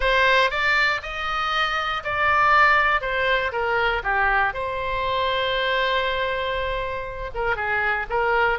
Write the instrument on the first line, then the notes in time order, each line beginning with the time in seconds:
oboe
0.00 C5
0.50 D5
1.02 D#5
2.03 D5
3.01 C5
3.52 A#4
4.03 G4
4.53 C5
7.34 A#4
7.56 G#4
8.09 A#4